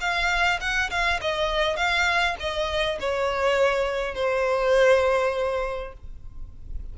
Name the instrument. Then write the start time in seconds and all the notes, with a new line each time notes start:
violin
0.00 F5
0.60 F#5
0.90 F5
1.21 D#5
1.76 F5
2.39 D#5
3.00 C#5
4.14 C5